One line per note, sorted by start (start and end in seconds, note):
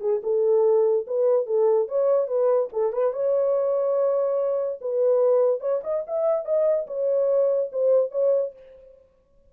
0.00 0.21 G#4
0.23 1.06 A4
1.07 1.46 B4
1.46 1.88 A4
1.88 2.27 C#5
2.27 2.69 B4
2.72 2.92 A4
2.92 3.12 B4
3.12 4.79 C#5
4.81 5.60 B4
5.60 5.81 C#5
5.83 6.04 D#5
6.06 6.45 E5
6.45 6.86 D#5
6.87 7.70 C#5
7.72 8.11 C5
8.11 8.53 C#5